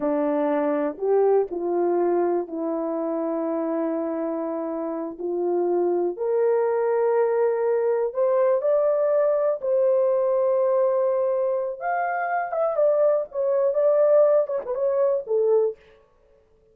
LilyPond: \new Staff \with { instrumentName = "horn" } { \time 4/4 \tempo 4 = 122 d'2 g'4 f'4~ | f'4 e'2.~ | e'2~ e'8 f'4.~ | f'8 ais'2.~ ais'8~ |
ais'8 c''4 d''2 c''8~ | c''1 | f''4. e''8 d''4 cis''4 | d''4. cis''16 b'16 cis''4 a'4 | }